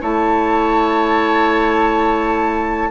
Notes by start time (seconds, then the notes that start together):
0.00 A3 E4 C#5 A5